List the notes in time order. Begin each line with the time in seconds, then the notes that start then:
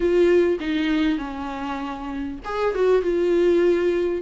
0.00 F4
0.60 D#4
1.18 C#4
2.45 G#4
2.74 F#4
3.01 F4